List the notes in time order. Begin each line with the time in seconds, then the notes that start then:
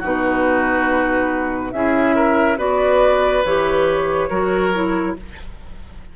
0.00 B2 D#4 F#4 B4
1.72 C#4 E4 G#4 E5
2.16 A#4
2.58 B3 F#4 B4 D5
3.45 E3 G4 C#5
4.30 F#3 F#4 A#4
4.74 E4